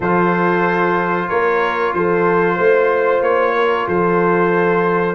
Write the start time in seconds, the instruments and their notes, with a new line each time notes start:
0.00 tuba F3, trombone F4, horn A4, trumpet C5
1.28 tuba A#3, horn A#4, trumpet C#5
1.93 tuba F3, horn A4, trumpet C5
2.56 tuba A3, horn C5
3.21 tuba A#3, trumpet C#5
3.55 horn A#4
3.87 tuba F3, horn A4, trumpet C5